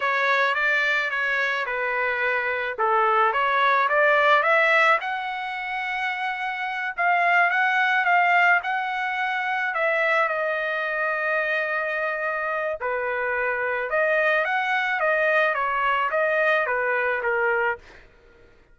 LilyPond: \new Staff \with { instrumentName = "trumpet" } { \time 4/4 \tempo 4 = 108 cis''4 d''4 cis''4 b'4~ | b'4 a'4 cis''4 d''4 | e''4 fis''2.~ | fis''8 f''4 fis''4 f''4 fis''8~ |
fis''4. e''4 dis''4.~ | dis''2. b'4~ | b'4 dis''4 fis''4 dis''4 | cis''4 dis''4 b'4 ais'4 | }